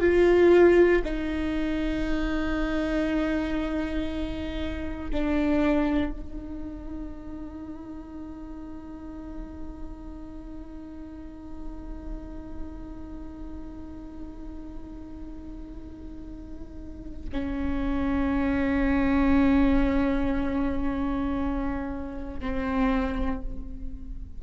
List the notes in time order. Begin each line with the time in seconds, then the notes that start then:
0.00 F4
1.04 D#4
5.11 D4
6.11 D#4
17.32 C#4
22.40 C4